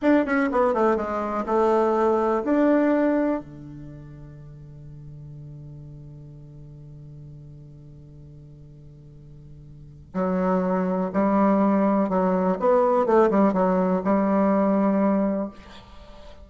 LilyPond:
\new Staff \with { instrumentName = "bassoon" } { \time 4/4 \tempo 4 = 124 d'8 cis'8 b8 a8 gis4 a4~ | a4 d'2 d4~ | d1~ | d1~ |
d1~ | d4 fis2 g4~ | g4 fis4 b4 a8 g8 | fis4 g2. | }